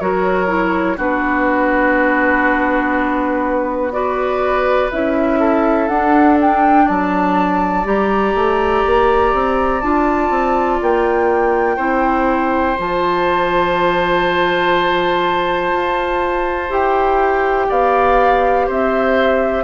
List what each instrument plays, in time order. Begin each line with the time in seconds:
0.00 bassoon F#3, clarinet F#4, oboe A#4, flute C#5
0.47 clarinet E4
0.97 bassoon B3, clarinet D4, oboe F#4, flute B4
3.92 clarinet F#4, oboe B4, flute D5
4.91 bassoon C#4, clarinet E4, flute E5
5.40 oboe A4
5.88 bassoon D4, clarinet D4, flute F#5
6.41 flute G5
6.85 bassoon F#3, oboe D5, flute A5
7.84 bassoon G3, clarinet G4, flute A#5
8.35 bassoon A3
8.86 bassoon A#3
9.33 bassoon C4
9.81 bassoon D4, clarinet F4, flute A5
10.30 bassoon C4
10.82 bassoon A#3, flute G5
11.76 bassoon C4, clarinet E4, oboe C5
12.78 bassoon F3, clarinet F4, flute A5
15.73 bassoon F4
16.69 bassoon E4, clarinet G4, flute G5
17.69 bassoon B3, oboe D5, flute F5
18.67 bassoon C4, oboe C5, flute E5